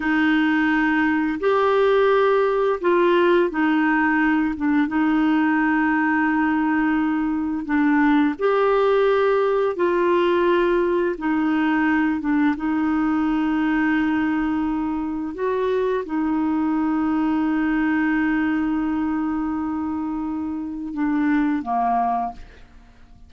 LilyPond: \new Staff \with { instrumentName = "clarinet" } { \time 4/4 \tempo 4 = 86 dis'2 g'2 | f'4 dis'4. d'8 dis'4~ | dis'2. d'4 | g'2 f'2 |
dis'4. d'8 dis'2~ | dis'2 fis'4 dis'4~ | dis'1~ | dis'2 d'4 ais4 | }